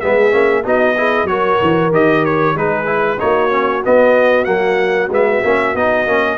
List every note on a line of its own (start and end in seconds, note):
0.00 0.33 G#3
0.00 0.31 B3
0.00 0.63 G#4
0.00 0.64 E5
0.31 0.65 A#3
0.31 0.63 C#4
0.63 1.24 B3
0.63 0.95 D#4
0.63 0.95 F#4
0.63 1.27 D#5
0.97 1.28 E4
0.97 1.29 G#4
1.24 1.55 F#3
1.24 1.92 F#4
1.24 2.56 A#4
1.24 1.91 C#5
1.61 1.91 E3
1.91 2.54 D#3
1.91 2.56 G4
1.91 2.25 D#5
2.25 2.57 C#5
2.54 3.18 G#3
2.54 2.85 D#4
2.54 3.19 G#4
2.54 3.19 B4
2.85 3.17 E4
3.18 3.85 A#3
3.18 3.50 D#4
3.18 6.38 F#4
3.18 3.83 C#5
3.50 3.82 C#4
3.84 4.45 B3
3.84 4.47 B3
3.84 4.44 D#5
4.44 5.09 F#3
4.44 5.09 A#3
4.44 5.08 F#5
5.09 5.41 G#3
5.09 5.43 B3
5.09 5.76 E5
5.44 5.74 A#3
5.44 5.76 C#4
5.74 6.06 B3
5.74 6.06 D#4
5.74 6.38 D#5
6.06 6.38 A#3
6.06 6.38 C#4